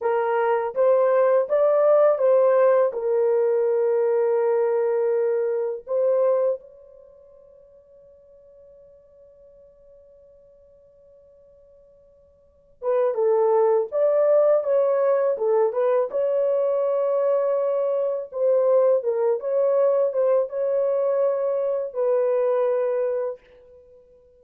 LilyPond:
\new Staff \with { instrumentName = "horn" } { \time 4/4 \tempo 4 = 82 ais'4 c''4 d''4 c''4 | ais'1 | c''4 cis''2.~ | cis''1~ |
cis''4. b'8 a'4 d''4 | cis''4 a'8 b'8 cis''2~ | cis''4 c''4 ais'8 cis''4 c''8 | cis''2 b'2 | }